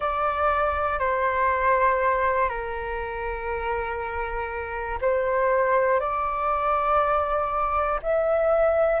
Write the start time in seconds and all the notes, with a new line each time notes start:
0.00 D5
0.99 C5
2.48 A#4
5.01 C5
6.00 D5
8.02 E5